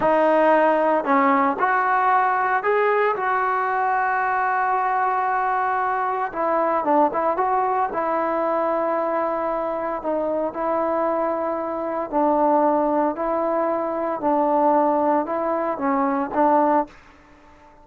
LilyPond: \new Staff \with { instrumentName = "trombone" } { \time 4/4 \tempo 4 = 114 dis'2 cis'4 fis'4~ | fis'4 gis'4 fis'2~ | fis'1 | e'4 d'8 e'8 fis'4 e'4~ |
e'2. dis'4 | e'2. d'4~ | d'4 e'2 d'4~ | d'4 e'4 cis'4 d'4 | }